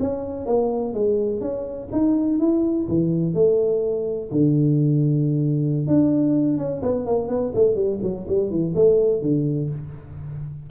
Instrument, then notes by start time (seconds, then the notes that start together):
tuba
0.00 C#4
0.46 A#3
0.94 G#3
1.41 C#4
1.92 D#4
2.39 E4
2.89 E3
3.34 A3
4.32 D3
5.87 D4
6.58 C#4
6.82 B3
7.06 A#3
7.29 B3
7.55 A3
7.76 G3
8.03 F#3
8.28 G3
8.51 E3
8.75 A3
9.22 D3